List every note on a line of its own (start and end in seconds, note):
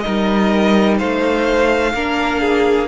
0.00 1.01 G3
0.00 1.95 D#4
0.00 0.97 A#4
0.00 0.95 D#5
0.97 1.94 A3
0.97 1.93 C5
0.97 2.88 F5
1.94 2.88 A#3
1.94 2.88 D4
1.94 2.41 A#4
2.41 2.88 G#4